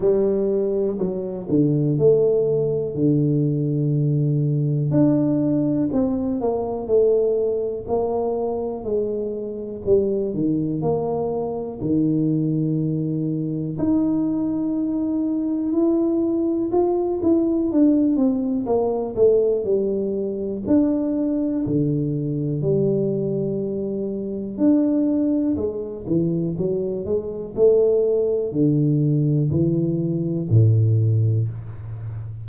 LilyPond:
\new Staff \with { instrumentName = "tuba" } { \time 4/4 \tempo 4 = 61 g4 fis8 d8 a4 d4~ | d4 d'4 c'8 ais8 a4 | ais4 gis4 g8 dis8 ais4 | dis2 dis'2 |
e'4 f'8 e'8 d'8 c'8 ais8 a8 | g4 d'4 d4 g4~ | g4 d'4 gis8 e8 fis8 gis8 | a4 d4 e4 a,4 | }